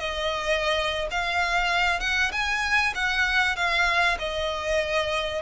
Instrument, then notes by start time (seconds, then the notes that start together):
violin
0.00 D#5
1.11 F5
2.00 F#5
2.32 G#5
2.95 F#5
3.56 F5
4.19 D#5